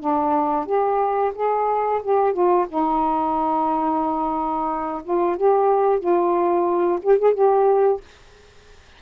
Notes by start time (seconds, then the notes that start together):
0.00 D4
0.66 G4
1.35 G#4
2.03 G4
2.33 F4
2.69 D#4
5.04 F4
5.37 G4
6.00 F4
7.03 G4
7.19 G#4
7.35 G4